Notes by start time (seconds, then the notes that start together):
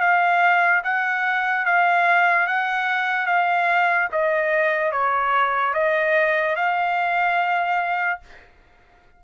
0.00 F5
0.84 F#5
1.66 F5
2.47 F#5
3.26 F5
4.12 D#5
4.92 C#5
5.74 D#5
6.56 F5